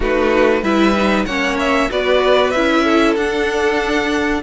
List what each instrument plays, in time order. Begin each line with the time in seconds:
0.00 cello A3, viola D#4, violin F#4 B4
0.61 cello G3, viola E4, violin B4 E5
0.96 viola D#4
1.25 cello A#3, viola C#4, violin C#5 F#5
1.59 violin E5
1.89 cello B3, viola F#4, violin B4 D5
2.50 cello C#4, viola E4, violin E5
2.83 violin A4
3.16 cello D4, viola D4, violin F#5